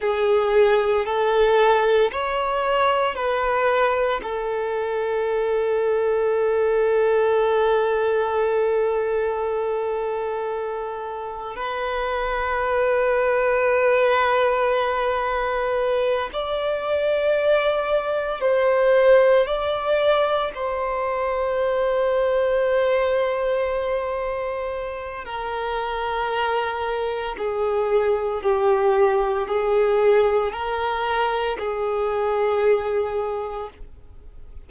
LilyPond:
\new Staff \with { instrumentName = "violin" } { \time 4/4 \tempo 4 = 57 gis'4 a'4 cis''4 b'4 | a'1~ | a'2. b'4~ | b'2.~ b'8 d''8~ |
d''4. c''4 d''4 c''8~ | c''1 | ais'2 gis'4 g'4 | gis'4 ais'4 gis'2 | }